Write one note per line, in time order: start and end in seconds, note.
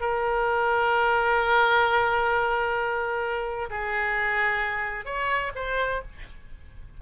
0.00 3.69 A#4
3.70 5.05 G#4
5.05 5.51 C#5
5.55 6.01 C5